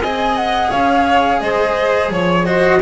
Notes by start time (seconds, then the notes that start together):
0.00 C4 G#4 D#5 G#5
0.36 F#5
0.70 C#4 C#5 F5
1.40 G#3 C5 D#5
2.09 F3 C#5
2.45 F#4 C5 D#5